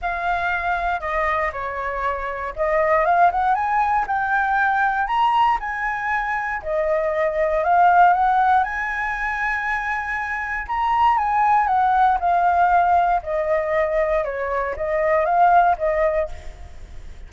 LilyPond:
\new Staff \with { instrumentName = "flute" } { \time 4/4 \tempo 4 = 118 f''2 dis''4 cis''4~ | cis''4 dis''4 f''8 fis''8 gis''4 | g''2 ais''4 gis''4~ | gis''4 dis''2 f''4 |
fis''4 gis''2.~ | gis''4 ais''4 gis''4 fis''4 | f''2 dis''2 | cis''4 dis''4 f''4 dis''4 | }